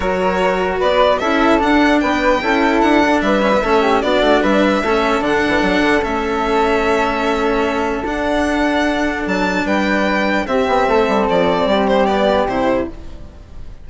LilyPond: <<
  \new Staff \with { instrumentName = "violin" } { \time 4/4 \tempo 4 = 149 cis''2 d''4 e''4 | fis''4 g''2 fis''4 | e''2 d''4 e''4~ | e''4 fis''2 e''4~ |
e''1 | fis''2. a''4 | g''2 e''2 | d''4. c''8 d''4 c''4 | }
  \new Staff \with { instrumentName = "flute" } { \time 4/4 ais'2 b'4 a'4~ | a'4 b'4 a'2 | b'4 a'8 g'8 fis'4 b'4 | a'1~ |
a'1~ | a'1 | b'2 g'4 a'4~ | a'4 g'2. | }
  \new Staff \with { instrumentName = "cello" } { \time 4/4 fis'2. e'4 | d'2 e'4. d'8~ | d'8 cis'16 b16 cis'4 d'2 | cis'4 d'2 cis'4~ |
cis'1 | d'1~ | d'2 c'2~ | c'2 b4 e'4 | }
  \new Staff \with { instrumentName = "bassoon" } { \time 4/4 fis2 b4 cis'4 | d'4 b4 cis'4 d'4 | g4 a4 b8 a8 g4 | a4 d8 e8 fis8 d8 a4~ |
a1 | d'2. fis4 | g2 c'8 b8 a8 g8 | f4 g2 c4 | }
>>